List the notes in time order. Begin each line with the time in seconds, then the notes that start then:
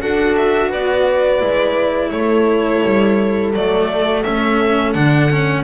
0.00 D4 F#4 A4 F#5
0.36 E5
0.69 B3 B4 D5
1.39 G#3 E4
2.10 A3 A4 C#5
2.84 G3
3.53 F#3 A3 D5
4.22 A3 C#4 E5
4.92 D3 D4 F#5
5.30 C#4